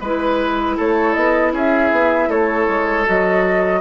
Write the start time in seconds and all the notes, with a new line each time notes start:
0.00 G#3 E4 B4
0.77 A3 A4 C#5
1.13 B3 D#5
1.53 C#4 G#4 E5
1.91 B3
2.28 A3 A4 C#5
2.68 G#3
3.05 F#3 F#4 D#5